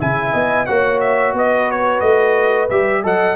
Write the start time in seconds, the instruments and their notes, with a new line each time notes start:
0.00 tuba C#3, trombone E4, horn E5, trumpet G#5
0.34 tuba B3, horn D#5
0.66 tuba A#3, trombone F#4, horn C#5, trumpet F#5
1.01 trumpet E5
1.34 tuba B3, horn B4, trumpet D#5
1.71 trumpet C#5
2.01 tuba A3, trumpet D#5
2.70 tuba G3, trombone G4, trumpet E5
3.04 tuba F#3, trombone A4, horn D#5, trumpet F#5